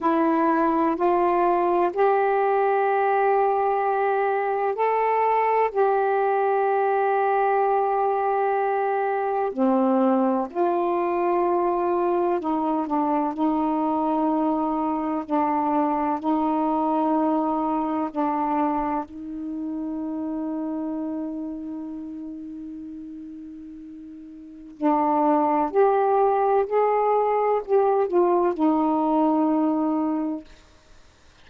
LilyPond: \new Staff \with { instrumentName = "saxophone" } { \time 4/4 \tempo 4 = 63 e'4 f'4 g'2~ | g'4 a'4 g'2~ | g'2 c'4 f'4~ | f'4 dis'8 d'8 dis'2 |
d'4 dis'2 d'4 | dis'1~ | dis'2 d'4 g'4 | gis'4 g'8 f'8 dis'2 | }